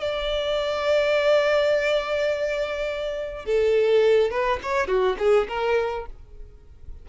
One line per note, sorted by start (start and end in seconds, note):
0.00 3.45 D5
3.45 4.30 A4
4.30 4.59 B4
4.62 4.87 C#5
4.87 5.16 F#4
5.18 5.47 G#4
5.48 6.06 A#4